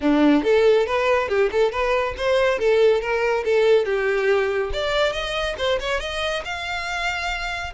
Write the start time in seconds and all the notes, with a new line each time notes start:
0.01 D4
0.43 A4
0.86 B4
1.28 G4
1.51 A4
1.71 B4
2.17 C5
2.59 A4
3.01 A#4
3.45 A4
3.85 G4
4.72 D5
5.12 D#5
5.57 C5
5.80 C#5
6.00 D#5
6.44 F5